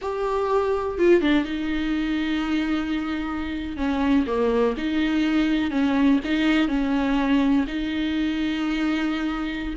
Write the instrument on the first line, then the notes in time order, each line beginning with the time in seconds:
viola
0.01 G4
0.98 F4
1.21 D4
1.45 D#4
3.76 C#4
4.27 A#3
4.77 D#4
5.70 C#4
6.24 D#4
6.68 C#4
7.67 D#4